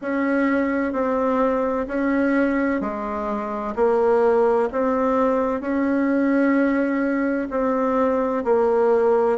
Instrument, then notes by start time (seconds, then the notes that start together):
bassoon
0.01 C#4
0.92 C4
1.87 C#4
2.80 G#3
3.75 A#3
4.72 C4
5.60 C#4
7.50 C4
8.44 A#3